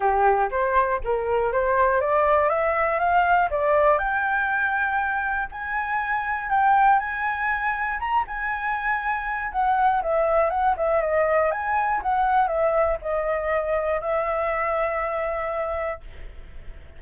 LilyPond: \new Staff \with { instrumentName = "flute" } { \time 4/4 \tempo 4 = 120 g'4 c''4 ais'4 c''4 | d''4 e''4 f''4 d''4 | g''2. gis''4~ | gis''4 g''4 gis''2 |
ais''8 gis''2~ gis''8 fis''4 | e''4 fis''8 e''8 dis''4 gis''4 | fis''4 e''4 dis''2 | e''1 | }